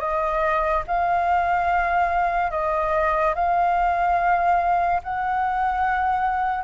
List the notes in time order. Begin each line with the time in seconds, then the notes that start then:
0.00 D#5
0.87 F5
2.52 D#5
3.35 F5
5.04 F#5